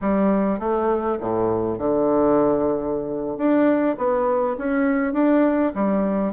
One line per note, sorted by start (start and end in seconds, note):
0.01 0.59 G3
0.59 1.18 A3
1.20 1.78 A2
1.78 3.37 D3
3.37 3.96 D4
3.97 4.56 B3
4.57 5.13 C#4
5.13 5.72 D4
5.75 6.33 G3